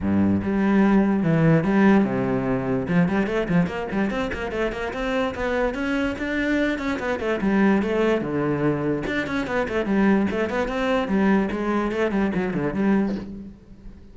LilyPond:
\new Staff \with { instrumentName = "cello" } { \time 4/4 \tempo 4 = 146 g,4 g2 e4 | g4 c2 f8 g8 | a8 f8 ais8 g8 c'8 ais8 a8 ais8 | c'4 b4 cis'4 d'4~ |
d'8 cis'8 b8 a8 g4 a4 | d2 d'8 cis'8 b8 a8 | g4 a8 b8 c'4 g4 | gis4 a8 g8 fis8 d8 g4 | }